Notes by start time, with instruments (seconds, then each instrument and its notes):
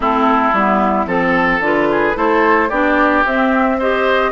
0.00 bassoon A3, clarinet C4, oboe E4, flute A4
0.52 bassoon G3, clarinet B3, flute E4
1.06 bassoon F3, clarinet C4, oboe A4, flute A4
1.59 bassoon D3, clarinet F4, flute B4
1.91 oboe G#4
2.14 bassoon A3, clarinet E4, oboe A4, flute C5
2.69 bassoon B3, clarinet D4, oboe G4, flute D5
3.24 bassoon C4, clarinet C4, flute E5
3.79 clarinet G4, oboe C5, flute D#5